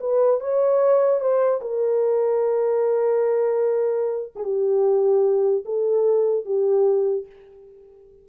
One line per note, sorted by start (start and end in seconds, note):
0.00 0.40 B4
0.40 1.20 C#5
1.20 1.60 C5
1.61 4.33 A#4
4.35 4.43 G#4
4.43 5.64 G4
5.65 6.45 A4
6.45 7.26 G4